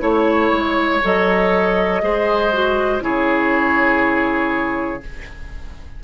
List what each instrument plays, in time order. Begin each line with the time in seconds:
0.00 bassoon A3, clarinet E4, flute C#5, oboe C#5
0.52 bassoon G#3
1.03 bassoon F#3, clarinet A4, flute D#5
2.02 bassoon G#3, clarinet G#4, oboe C5
2.53 clarinet F#4
3.01 bassoon C#3, clarinet E4, oboe G#4, flute C#5